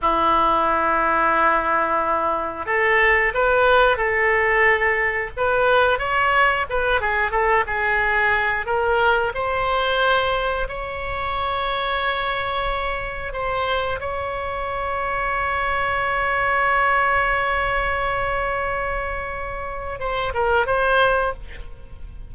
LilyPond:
\new Staff \with { instrumentName = "oboe" } { \time 4/4 \tempo 4 = 90 e'1 | a'4 b'4 a'2 | b'4 cis''4 b'8 gis'8 a'8 gis'8~ | gis'4 ais'4 c''2 |
cis''1 | c''4 cis''2.~ | cis''1~ | cis''2 c''8 ais'8 c''4 | }